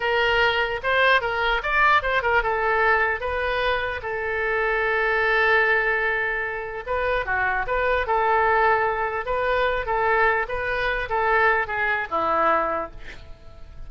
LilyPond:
\new Staff \with { instrumentName = "oboe" } { \time 4/4 \tempo 4 = 149 ais'2 c''4 ais'4 | d''4 c''8 ais'8 a'2 | b'2 a'2~ | a'1~ |
a'4 b'4 fis'4 b'4 | a'2. b'4~ | b'8 a'4. b'4. a'8~ | a'4 gis'4 e'2 | }